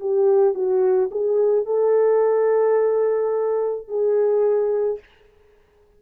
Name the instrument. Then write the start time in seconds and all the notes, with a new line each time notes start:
horn
0.00 G4
0.55 F#4
1.11 G#4
1.66 A4
3.88 G#4